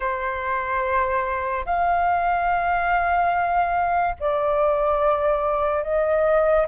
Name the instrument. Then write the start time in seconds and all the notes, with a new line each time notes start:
flute
0.00 C5
1.65 F5
4.19 D5
5.83 D#5